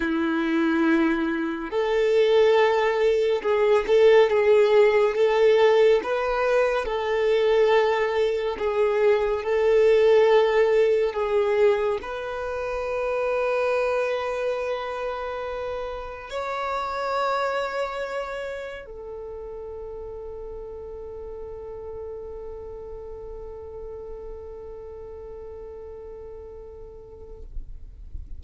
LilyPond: \new Staff \with { instrumentName = "violin" } { \time 4/4 \tempo 4 = 70 e'2 a'2 | gis'8 a'8 gis'4 a'4 b'4 | a'2 gis'4 a'4~ | a'4 gis'4 b'2~ |
b'2. cis''4~ | cis''2 a'2~ | a'1~ | a'1 | }